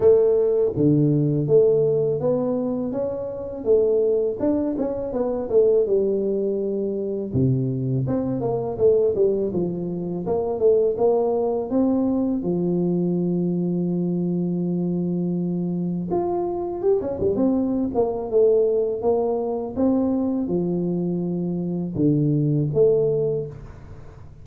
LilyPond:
\new Staff \with { instrumentName = "tuba" } { \time 4/4 \tempo 4 = 82 a4 d4 a4 b4 | cis'4 a4 d'8 cis'8 b8 a8 | g2 c4 c'8 ais8 | a8 g8 f4 ais8 a8 ais4 |
c'4 f2.~ | f2 f'4 g'16 cis'16 g16 c'16~ | c'8 ais8 a4 ais4 c'4 | f2 d4 a4 | }